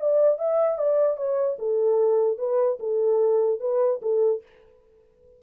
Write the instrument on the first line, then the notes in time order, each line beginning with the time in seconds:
horn
0.00 D5
0.39 E5
0.78 D5
1.17 C#5
1.59 A4
2.38 B4
2.80 A4
3.60 B4
4.02 A4